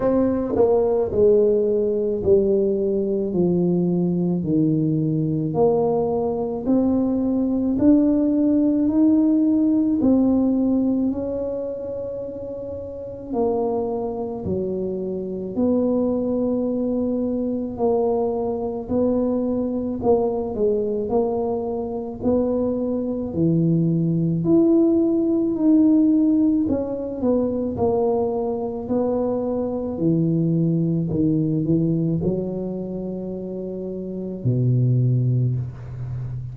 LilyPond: \new Staff \with { instrumentName = "tuba" } { \time 4/4 \tempo 4 = 54 c'8 ais8 gis4 g4 f4 | dis4 ais4 c'4 d'4 | dis'4 c'4 cis'2 | ais4 fis4 b2 |
ais4 b4 ais8 gis8 ais4 | b4 e4 e'4 dis'4 | cis'8 b8 ais4 b4 e4 | dis8 e8 fis2 b,4 | }